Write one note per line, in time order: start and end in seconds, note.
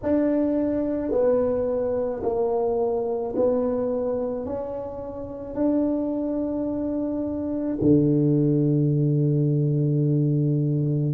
0.03 1.11 D4
1.11 2.22 B3
2.23 3.34 A#3
3.36 4.45 B3
4.45 5.54 C#4
5.54 7.76 D4
7.81 11.13 D3